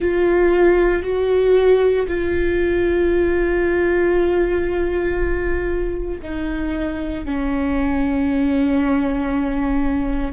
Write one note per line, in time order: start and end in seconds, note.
0.00 1.03 F4
1.03 2.06 F#4
2.07 6.21 F4
6.22 7.25 D#4
7.25 10.33 C#4